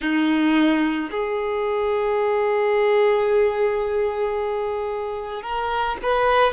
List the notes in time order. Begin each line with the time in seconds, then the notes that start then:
0.00 D#4
1.11 G#4
5.42 A#4
6.02 B4